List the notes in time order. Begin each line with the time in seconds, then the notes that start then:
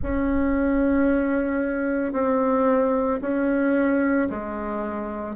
0.02 C#4
2.12 C4
3.21 C#4
4.29 G#3